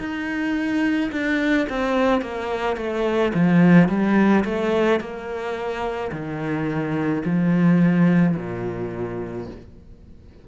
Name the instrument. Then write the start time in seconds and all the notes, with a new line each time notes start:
cello
0.00 D#4
1.12 D4
1.70 C4
2.22 A#3
2.77 A3
3.34 F3
3.89 G3
4.45 A3
5.01 A#3
6.12 D#3
7.25 F3
8.37 A#2